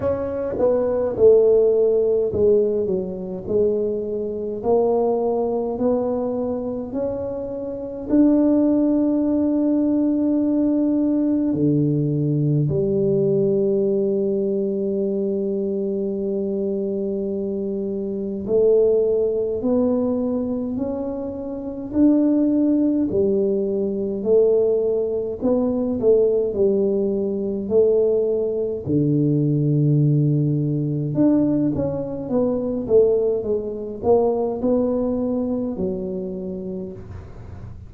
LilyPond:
\new Staff \with { instrumentName = "tuba" } { \time 4/4 \tempo 4 = 52 cis'8 b8 a4 gis8 fis8 gis4 | ais4 b4 cis'4 d'4~ | d'2 d4 g4~ | g1 |
a4 b4 cis'4 d'4 | g4 a4 b8 a8 g4 | a4 d2 d'8 cis'8 | b8 a8 gis8 ais8 b4 fis4 | }